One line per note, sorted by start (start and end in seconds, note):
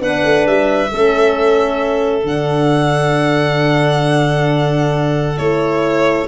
0.00 0.23 B3
0.00 0.90 D4
0.00 0.90 B4
0.00 0.47 F#5
0.25 0.46 A3
0.46 0.91 G3
0.46 2.26 E5
0.90 2.24 A3
0.90 2.24 C#4
0.90 6.28 A4
2.24 5.37 D3
2.24 5.37 D4
2.24 5.38 F#5
5.37 6.28 A3
5.37 6.27 E4
5.37 6.27 C#5